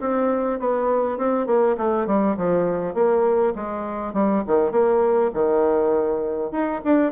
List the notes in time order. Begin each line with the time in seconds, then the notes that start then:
0.00 C4
0.59 B3
1.18 C4
1.46 A#3
1.77 A3
2.06 G3
2.37 F3
2.94 A#3
3.55 G#3
4.13 G3
4.47 D#3
4.71 A#3
5.33 D#3
6.51 D#4
6.84 D4